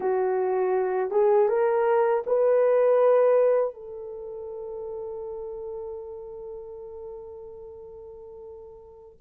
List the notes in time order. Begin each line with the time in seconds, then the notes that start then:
0.00 F#4
1.10 G#4
1.48 A#4
2.26 B4
3.74 A4